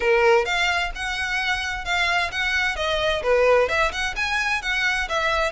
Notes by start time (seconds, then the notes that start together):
0.00 A#4
0.45 F5
0.95 F#5
1.84 F5
2.31 F#5
2.76 D#5
3.23 B4
3.68 E5
3.91 F#5
4.15 G#5
4.62 F#5
5.09 E5